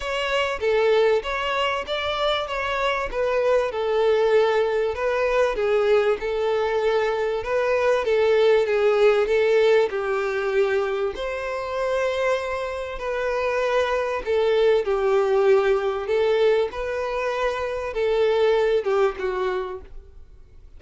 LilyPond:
\new Staff \with { instrumentName = "violin" } { \time 4/4 \tempo 4 = 97 cis''4 a'4 cis''4 d''4 | cis''4 b'4 a'2 | b'4 gis'4 a'2 | b'4 a'4 gis'4 a'4 |
g'2 c''2~ | c''4 b'2 a'4 | g'2 a'4 b'4~ | b'4 a'4. g'8 fis'4 | }